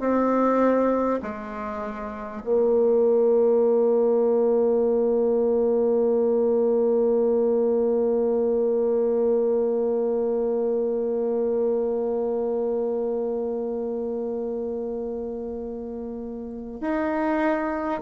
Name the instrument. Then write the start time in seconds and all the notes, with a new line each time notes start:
bassoon
0.00 C4
1.23 G#3
2.44 A#3
16.81 D#4